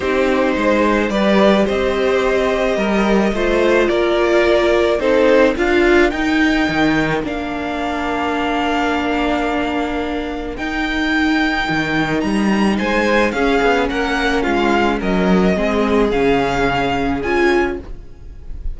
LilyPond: <<
  \new Staff \with { instrumentName = "violin" } { \time 4/4 \tempo 4 = 108 c''2 d''4 dis''4~ | dis''2. d''4~ | d''4 c''4 f''4 g''4~ | g''4 f''2.~ |
f''2. g''4~ | g''2 ais''4 gis''4 | f''4 fis''4 f''4 dis''4~ | dis''4 f''2 gis''4 | }
  \new Staff \with { instrumentName = "violin" } { \time 4/4 g'4 c''4 b'4 c''4~ | c''4 ais'4 c''4 ais'4~ | ais'4 a'4 ais'2~ | ais'1~ |
ais'1~ | ais'2. c''4 | gis'4 ais'4 f'4 ais'4 | gis'1 | }
  \new Staff \with { instrumentName = "viola" } { \time 4/4 dis'2 g'2~ | g'2 f'2~ | f'4 dis'4 f'4 dis'4~ | dis'4 d'2.~ |
d'2. dis'4~ | dis'1 | cis'1 | c'4 cis'2 f'4 | }
  \new Staff \with { instrumentName = "cello" } { \time 4/4 c'4 gis4 g4 c'4~ | c'4 g4 a4 ais4~ | ais4 c'4 d'4 dis'4 | dis4 ais2.~ |
ais2. dis'4~ | dis'4 dis4 g4 gis4 | cis'8 b8 ais4 gis4 fis4 | gis4 cis2 cis'4 | }
>>